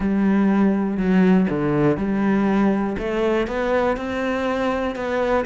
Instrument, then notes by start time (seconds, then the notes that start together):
cello
0.00 G3
0.97 F#3
1.49 D3
1.97 G3
2.98 A3
3.47 B3
3.97 C4
4.95 B3